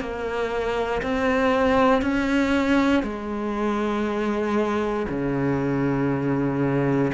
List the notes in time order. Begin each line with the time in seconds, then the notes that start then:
0.00 A#3
1.02 C4
2.02 C#4
3.02 G#3
5.08 C#3